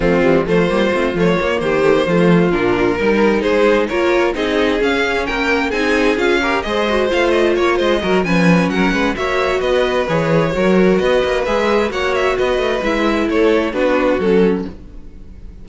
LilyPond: <<
  \new Staff \with { instrumentName = "violin" } { \time 4/4 \tempo 4 = 131 f'4 c''4. cis''4 c''8~ | c''4. ais'2 c''8~ | c''8 cis''4 dis''4 f''4 g''8~ | g''8 gis''4 f''4 dis''4 f''8 |
dis''8 cis''8 dis''4 gis''4 fis''4 | e''4 dis''4 cis''2 | dis''4 e''4 fis''8 e''8 dis''4 | e''4 cis''4 b'4 a'4 | }
  \new Staff \with { instrumentName = "violin" } { \time 4/4 c'4 f'2~ f'8 g'8~ | g'8 f'2 ais'4 gis'8~ | gis'8 ais'4 gis'2 ais'8~ | ais'8 gis'4. ais'8 c''4.~ |
c''8 cis''8 c''8 ais'8 b'4 ais'8 b'8 | cis''4 b'2 ais'4 | b'2 cis''4 b'4~ | b'4 a'4 fis'2 | }
  \new Staff \with { instrumentName = "viola" } { \time 4/4 a8 g8 a8 ais8 c'8 a8 ais4 | a16 ais16 a4 d'4 dis'4.~ | dis'8 f'4 dis'4 cis'4.~ | cis'8 dis'4 f'8 g'8 gis'8 fis'8 f'8~ |
f'4. fis'8 cis'2 | fis'2 gis'4 fis'4~ | fis'4 gis'4 fis'2 | e'2 d'4 cis'4 | }
  \new Staff \with { instrumentName = "cello" } { \time 4/4 f8 e8 f8 g8 a8 f8 ais8 dis8~ | dis8 f4 ais,4 g4 gis8~ | gis8 ais4 c'4 cis'4 ais8~ | ais8 c'4 cis'4 gis4 a8~ |
a8 ais8 gis8 fis8 f4 fis8 gis8 | ais4 b4 e4 fis4 | b8 ais8 gis4 ais4 b8 a8 | gis4 a4 b4 fis4 | }
>>